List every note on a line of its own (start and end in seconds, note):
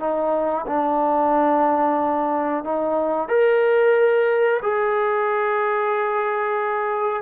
0.00 0.66 D#4
0.67 2.64 D4
2.64 3.29 D#4
3.29 4.61 A#4
4.63 7.23 G#4